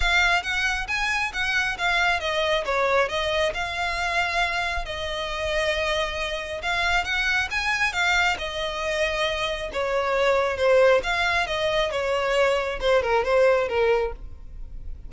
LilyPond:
\new Staff \with { instrumentName = "violin" } { \time 4/4 \tempo 4 = 136 f''4 fis''4 gis''4 fis''4 | f''4 dis''4 cis''4 dis''4 | f''2. dis''4~ | dis''2. f''4 |
fis''4 gis''4 f''4 dis''4~ | dis''2 cis''2 | c''4 f''4 dis''4 cis''4~ | cis''4 c''8 ais'8 c''4 ais'4 | }